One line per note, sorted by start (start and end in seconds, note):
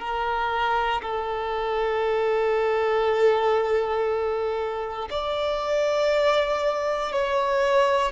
0.00 1.02 A#4
1.02 5.09 A4
5.10 7.12 D5
7.12 8.12 C#5